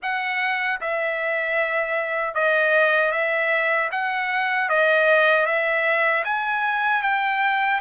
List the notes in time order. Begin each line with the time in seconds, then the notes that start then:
0.02 F#5
0.80 E5
2.34 D#5
3.11 E5
3.91 F#5
4.69 D#5
5.45 E5
6.24 G#5
7.02 G5